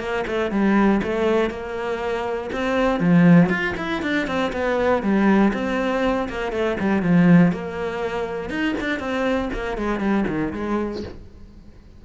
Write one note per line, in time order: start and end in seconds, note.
0.00 0.25 A#3
0.27 0.51 A3
0.51 1.01 G3
1.03 1.50 A3
1.50 2.50 A#3
2.52 3.00 C4
3.00 3.50 F3
3.50 3.75 F4
3.77 4.02 E4
4.02 4.27 D4
4.27 4.52 C4
4.53 5.03 B3
5.03 5.53 G3
5.54 6.29 C4
6.29 6.52 A#3
6.52 6.77 A3
6.80 7.02 G3
7.02 7.52 F3
7.52 8.50 A#3
8.50 8.75 D#4
8.81 8.99 D4
8.99 9.49 C4
9.54 9.78 A#3
9.78 10.00 G#3
10.00 10.25 G3
10.28 10.53 D#3
10.53 11.03 G#3